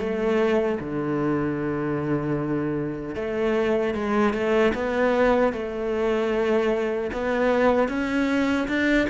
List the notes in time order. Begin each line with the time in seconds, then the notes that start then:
0.00 A3
0.80 D3
3.16 A3
3.95 G#3
4.34 A3
4.74 B3
5.53 A3
7.13 B3
7.89 C#4
8.68 D4